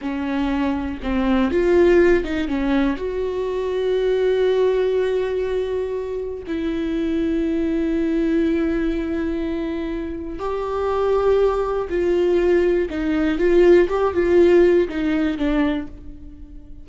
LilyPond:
\new Staff \with { instrumentName = "viola" } { \time 4/4 \tempo 4 = 121 cis'2 c'4 f'4~ | f'8 dis'8 cis'4 fis'2~ | fis'1~ | fis'4 e'2.~ |
e'1~ | e'4 g'2. | f'2 dis'4 f'4 | g'8 f'4. dis'4 d'4 | }